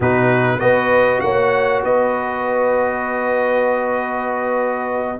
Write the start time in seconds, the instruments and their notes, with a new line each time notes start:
0.00 tuba B2, trombone D#4, horn F#4, trumpet B4
0.59 tuba B3, trombone F#4, horn B4, trumpet D#5
1.20 tuba A#3, horn C#5, trumpet F#5
1.83 tuba B3, horn B4, trumpet D#5